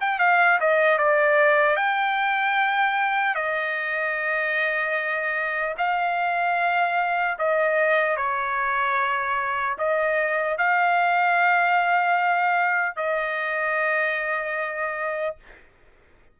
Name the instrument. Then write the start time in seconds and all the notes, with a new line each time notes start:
trumpet
0.00 G5
0.19 F5
0.60 D#5
0.98 D5
1.76 G5
3.35 D#5
5.77 F5
7.38 D#5
8.16 C#5
9.78 D#5
10.57 F5
12.96 D#5